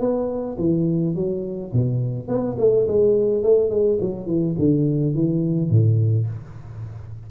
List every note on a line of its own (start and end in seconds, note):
0.00 0.57 B3
0.58 1.15 E3
1.15 1.72 F#3
1.73 2.28 B2
2.28 2.56 B3
2.58 2.87 A3
2.88 3.43 G#3
3.43 3.70 A3
3.70 3.98 G#3
4.01 4.26 F#3
4.26 4.55 E3
4.58 5.14 D3
5.14 5.70 E3
5.70 6.27 A2